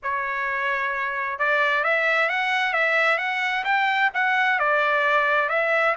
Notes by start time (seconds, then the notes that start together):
0.02 C#5
1.39 D5
1.84 E5
2.29 F#5
2.73 E5
3.18 F#5
3.64 G5
4.13 F#5
4.59 D5
5.49 E5